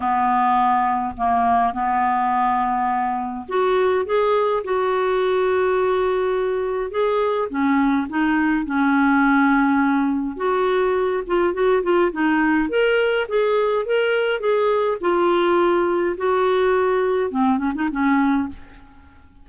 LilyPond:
\new Staff \with { instrumentName = "clarinet" } { \time 4/4 \tempo 4 = 104 b2 ais4 b4~ | b2 fis'4 gis'4 | fis'1 | gis'4 cis'4 dis'4 cis'4~ |
cis'2 fis'4. f'8 | fis'8 f'8 dis'4 ais'4 gis'4 | ais'4 gis'4 f'2 | fis'2 c'8 cis'16 dis'16 cis'4 | }